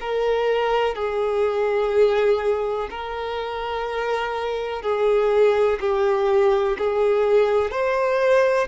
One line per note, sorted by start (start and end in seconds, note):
0.00 0.95 A#4
0.95 2.88 G#4
2.90 4.82 A#4
4.82 5.78 G#4
5.80 6.77 G4
6.78 7.71 G#4
7.71 8.67 C5